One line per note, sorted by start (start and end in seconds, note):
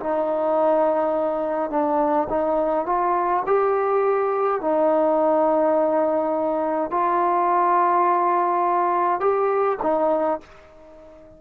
0.00 1.70 D#4
1.70 2.28 D4
2.30 2.86 D#4
2.86 3.44 F4
3.47 4.61 G4
4.61 6.91 D#4
6.91 9.20 F4
9.20 9.78 G4
9.83 10.41 D#4